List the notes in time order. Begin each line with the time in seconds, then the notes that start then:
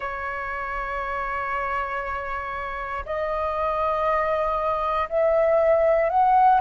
0.00 C#5
3.05 D#5
5.09 E5
6.09 F#5